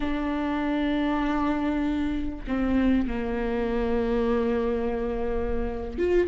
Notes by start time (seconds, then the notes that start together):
0.00 D4
2.47 C4
3.08 A#3
5.98 F4